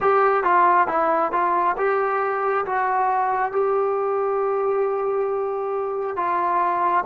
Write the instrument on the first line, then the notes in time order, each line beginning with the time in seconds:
trombone
0.00 G4
0.43 F4
0.87 E4
1.32 F4
1.76 G4
2.65 F#4
3.52 G4
6.16 F4